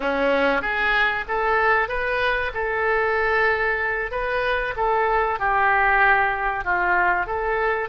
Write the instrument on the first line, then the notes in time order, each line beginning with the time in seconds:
oboe
0.00 C#4
0.61 G#4
1.27 A4
1.88 B4
2.53 A4
4.11 B4
4.76 A4
5.39 G4
6.64 F4
7.26 A4